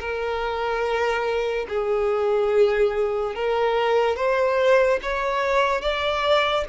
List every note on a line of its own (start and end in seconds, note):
0.00 1.67 A#4
1.69 3.35 G#4
3.35 4.16 A#4
4.16 4.99 C5
5.02 5.81 C#5
5.81 6.65 D5